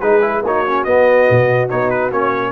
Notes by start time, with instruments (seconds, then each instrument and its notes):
0.00 tuba G#3, trombone D#4, horn G#4, trumpet B4
0.22 trombone E4
0.43 tuba A#3, trombone D#4, horn F#4, trumpet C#5
0.68 trombone C#4
0.84 tuba B3, trombone B3, trumpet D#5
1.30 tuba B2
1.69 tuba B3, trombone D#4, trumpet C#5
1.90 trumpet B4
2.12 tuba A#3, trombone C#4, trumpet C#5